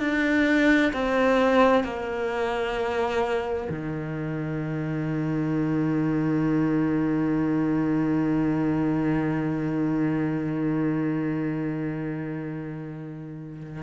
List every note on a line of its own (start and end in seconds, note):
0.00 0.92 D4
0.93 1.83 C4
1.83 3.68 A#3
3.69 13.83 D#3